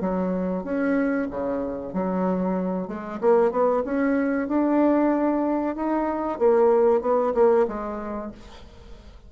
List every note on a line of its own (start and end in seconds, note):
0.00 0.64 F#3
0.64 1.27 C#4
1.30 1.93 C#3
1.93 2.88 F#3
2.88 3.19 G#3
3.21 3.51 A#3
3.51 3.83 B3
3.84 4.48 C#4
4.48 5.75 D4
5.75 6.39 D#4
6.39 7.01 A#3
7.01 7.33 B3
7.34 7.66 A#3
7.67 8.31 G#3